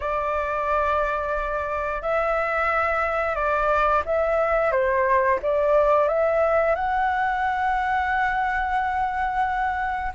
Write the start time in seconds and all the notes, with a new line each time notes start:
0.00 D5
2.02 E5
3.35 D5
4.05 E5
4.71 C5
5.42 D5
6.07 E5
6.75 F#5